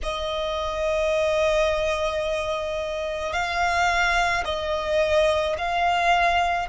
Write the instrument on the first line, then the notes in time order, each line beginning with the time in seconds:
violin
0.03 D#5
3.32 F5
4.44 D#5
5.58 F5